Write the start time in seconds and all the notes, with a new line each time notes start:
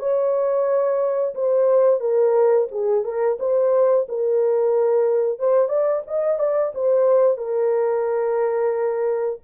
0.00 C#5
1.35 C5
2.01 A#4
2.72 G#4
3.05 A#4
3.40 C5
4.09 A#4
5.39 C5
5.69 D5
6.07 D#5
6.40 D5
6.75 C5
7.38 A#4